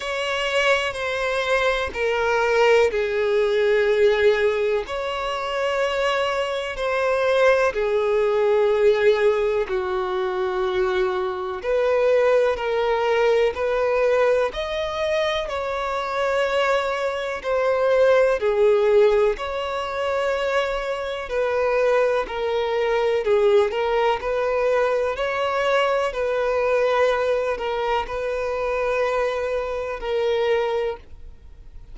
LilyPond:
\new Staff \with { instrumentName = "violin" } { \time 4/4 \tempo 4 = 62 cis''4 c''4 ais'4 gis'4~ | gis'4 cis''2 c''4 | gis'2 fis'2 | b'4 ais'4 b'4 dis''4 |
cis''2 c''4 gis'4 | cis''2 b'4 ais'4 | gis'8 ais'8 b'4 cis''4 b'4~ | b'8 ais'8 b'2 ais'4 | }